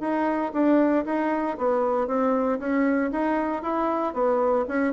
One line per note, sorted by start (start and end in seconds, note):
0.00 0.52 D#4
0.53 1.05 D4
1.06 1.57 D#4
1.58 2.07 B3
2.07 2.59 C4
2.59 3.11 C#4
3.12 3.63 D#4
3.63 4.14 E4
4.14 4.66 B3
4.68 4.93 C#4